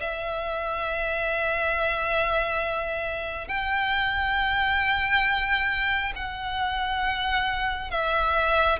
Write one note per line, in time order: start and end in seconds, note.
0.00 3.47 E5
3.47 6.12 G5
6.15 7.91 F#5
7.91 8.79 E5